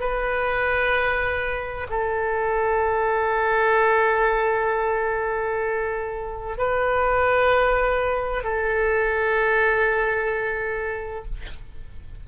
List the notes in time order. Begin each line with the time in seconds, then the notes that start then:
0.00 B4
1.90 A4
6.58 B4
8.44 A4